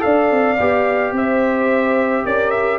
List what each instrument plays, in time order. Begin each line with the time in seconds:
0.00 tuba D4, trombone A4, horn D5, trumpet F5
0.31 tuba C4
0.60 tuba B3, trombone G4
1.12 tuba C4, horn C5, trumpet E5
2.25 tuba C#4, horn A#4, trumpet D5
2.51 trumpet E5